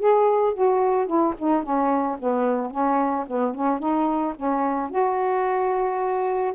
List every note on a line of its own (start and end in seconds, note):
0.00 0.54 G#4
0.54 1.07 F#4
1.07 1.34 E4
1.39 1.63 D#4
1.63 2.18 C#4
2.19 2.71 B3
2.71 3.26 C#4
3.28 3.55 B3
3.55 3.80 C#4
3.80 4.34 D#4
4.36 4.90 C#4
4.90 6.54 F#4